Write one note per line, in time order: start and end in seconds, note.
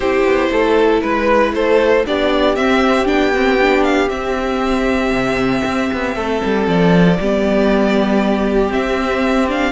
0.00 0.24 C4
0.00 2.05 E4
0.00 0.49 G4
0.00 1.00 C5
0.24 0.50 B3
0.51 1.02 A3
0.51 1.03 A4
1.01 1.52 G#3
1.01 1.52 B4
1.01 1.55 B4
1.52 2.04 A3
1.52 2.06 A4
1.52 2.05 C5
2.05 2.57 B3
2.05 2.56 D4
2.05 6.15 G4
2.05 2.55 D5
2.55 3.06 C4
2.55 3.08 C4
2.55 3.06 E5
3.06 4.10 B3
3.06 3.31 D4
3.06 3.83 G5
3.34 3.59 C4
3.61 4.08 D4
3.83 4.08 F5
4.08 7.16 C4
4.08 5.10 C4
4.08 6.65 E5
5.10 5.62 C3
5.64 5.90 C4
5.92 6.15 B3
6.15 6.41 A3
6.15 7.18 A4
6.44 6.67 G3
6.67 7.19 F3
6.67 8.72 D5
7.19 8.73 G3
7.19 8.69 B3
7.19 9.72 G4
8.69 9.46 C4
8.69 9.72 C4
8.69 9.48 E5
9.48 9.72 D4
9.48 9.72 F5